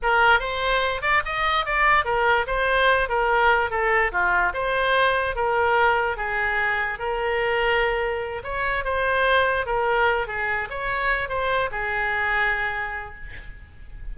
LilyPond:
\new Staff \with { instrumentName = "oboe" } { \time 4/4 \tempo 4 = 146 ais'4 c''4. d''8 dis''4 | d''4 ais'4 c''4. ais'8~ | ais'4 a'4 f'4 c''4~ | c''4 ais'2 gis'4~ |
gis'4 ais'2.~ | ais'8 cis''4 c''2 ais'8~ | ais'4 gis'4 cis''4. c''8~ | c''8 gis'2.~ gis'8 | }